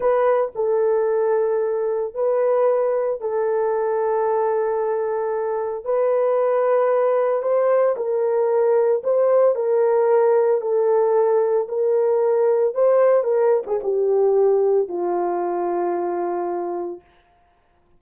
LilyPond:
\new Staff \with { instrumentName = "horn" } { \time 4/4 \tempo 4 = 113 b'4 a'2. | b'2 a'2~ | a'2. b'4~ | b'2 c''4 ais'4~ |
ais'4 c''4 ais'2 | a'2 ais'2 | c''4 ais'8. gis'16 g'2 | f'1 | }